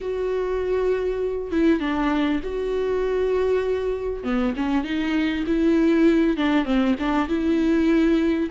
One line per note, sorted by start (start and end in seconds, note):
0.00 1.51 F#4
1.51 1.80 E4
1.80 2.40 D4
2.43 4.23 F#4
4.23 4.53 B3
4.56 4.83 C#4
4.83 5.44 D#4
5.47 6.36 E4
6.36 6.65 D4
6.65 6.95 C4
6.99 7.28 D4
7.28 8.49 E4